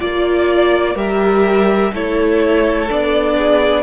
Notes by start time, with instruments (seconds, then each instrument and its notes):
0.00 cello A#3, viola F4, violin D5
0.95 cello G3, viola G4, violin A#4 E5
1.93 cello A3, viola E4, violin A4 C#5
2.89 cello B3, viola D4, violin D5
3.37 violin G#4